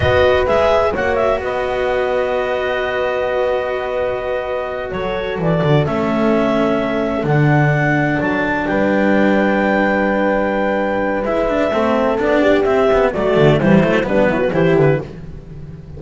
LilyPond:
<<
  \new Staff \with { instrumentName = "clarinet" } { \time 4/4 \tempo 4 = 128 dis''4 e''4 fis''8 e''8 dis''4~ | dis''1~ | dis''2~ dis''8 cis''4 d''8~ | d''8 e''2. fis''8~ |
fis''4. a''4 g''4.~ | g''1 | e''2 d''4 e''4 | d''4 c''4 b'4 c''8 b'8 | }
  \new Staff \with { instrumentName = "horn" } { \time 4/4 b'2 cis''4 b'4~ | b'1~ | b'2~ b'8 a'4.~ | a'1~ |
a'2~ a'8 b'4.~ | b'1~ | b'4 a'4. g'4. | fis'4 e'4 d'8 e'16 fis'16 g'4 | }
  \new Staff \with { instrumentName = "cello" } { \time 4/4 fis'4 gis'4 fis'2~ | fis'1~ | fis'1~ | fis'8 cis'2. d'8~ |
d'1~ | d'1 | e'8 d'8 c'4 d'4 c'8 b8 | a4 g8 a8 b4 e'4 | }
  \new Staff \with { instrumentName = "double bass" } { \time 4/4 b4 gis4 ais4 b4~ | b1~ | b2~ b8 fis4 e8 | d8 a2. d8~ |
d4. fis4 g4.~ | g1 | gis4 a4 b4 c'4 | fis8 d8 e8 fis8 g8 fis8 e8 d8 | }
>>